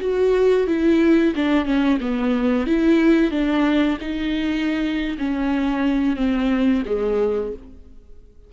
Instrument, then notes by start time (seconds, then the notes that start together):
viola
0.00 F#4
0.67 E4
1.35 D4
1.65 C#4
2.00 B3
2.66 E4
3.31 D4
4.00 D#4
5.18 C#4
6.16 C4
6.85 G#3